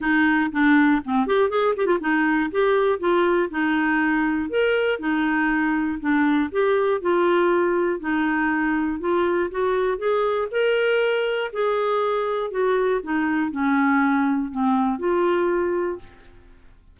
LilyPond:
\new Staff \with { instrumentName = "clarinet" } { \time 4/4 \tempo 4 = 120 dis'4 d'4 c'8 g'8 gis'8 g'16 f'16 | dis'4 g'4 f'4 dis'4~ | dis'4 ais'4 dis'2 | d'4 g'4 f'2 |
dis'2 f'4 fis'4 | gis'4 ais'2 gis'4~ | gis'4 fis'4 dis'4 cis'4~ | cis'4 c'4 f'2 | }